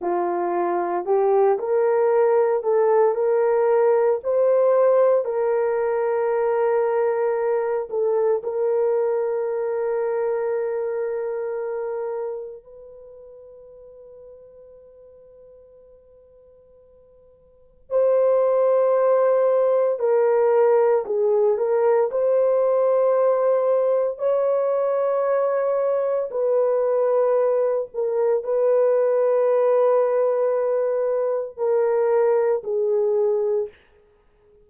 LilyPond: \new Staff \with { instrumentName = "horn" } { \time 4/4 \tempo 4 = 57 f'4 g'8 ais'4 a'8 ais'4 | c''4 ais'2~ ais'8 a'8 | ais'1 | b'1~ |
b'4 c''2 ais'4 | gis'8 ais'8 c''2 cis''4~ | cis''4 b'4. ais'8 b'4~ | b'2 ais'4 gis'4 | }